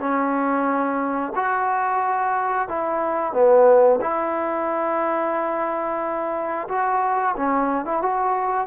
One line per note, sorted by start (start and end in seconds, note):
0.00 1.33 C#4
1.35 2.69 F#4
2.69 3.33 E4
3.33 4.00 B3
4.02 6.68 E4
6.69 7.35 F#4
7.37 7.86 C#4
7.86 8.02 E4
8.02 8.67 F#4